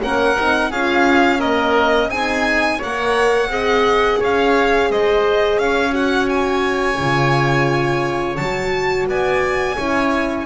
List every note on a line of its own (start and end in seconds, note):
0.00 0.38 A#3
0.00 0.35 C#4
0.00 0.70 A#4
0.00 0.72 F#5
0.36 0.71 C4
0.36 0.70 D#4
0.70 2.09 C#4
0.70 1.40 F4
0.70 1.39 G#4
0.70 1.40 F5
1.39 2.10 A#3
1.39 2.09 A#4
1.39 2.10 D#5
2.09 2.79 C4
2.09 2.81 D#4
2.09 2.78 G#4
2.09 2.80 G#5
2.78 3.47 A#3
2.78 3.49 A#4
2.78 3.48 C#5
2.78 4.22 F#5
3.47 4.16 C4
3.47 5.90 G#4
3.47 4.19 D#5
4.19 4.89 C#4
4.19 4.89 C#5
4.19 4.91 F5
4.89 5.58 G#3
4.89 5.60 C5
4.89 5.58 D#5
5.58 6.98 C#4
5.58 9.09 C#5
5.58 5.93 F5
5.90 6.95 F#4
5.90 6.29 F#5
6.29 8.36 G#5
6.99 8.38 C#3
6.99 8.39 F4
8.36 9.06 F#3
8.36 9.78 F#4
8.36 9.06 A5
9.06 9.76 B3
9.06 9.76 D5
9.06 10.46 G#5
9.76 10.46 C#4
9.76 10.46 E4
9.76 10.45 C#5